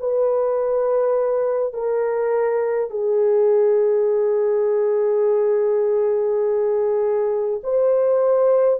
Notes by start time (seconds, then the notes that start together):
0.00 B4
1.73 A#4
2.90 G#4
7.63 C5